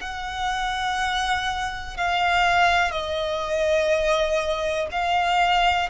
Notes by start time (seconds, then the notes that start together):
0.00 F#5
1.97 F5
2.91 D#5
4.91 F5